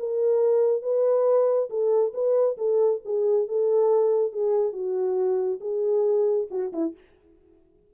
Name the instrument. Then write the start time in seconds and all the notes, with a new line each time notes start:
horn
0.00 A#4
0.82 B4
1.70 A4
2.14 B4
2.58 A4
3.05 G#4
3.48 A4
4.33 G#4
4.73 F#4
5.61 G#4
6.51 F#4
6.73 E4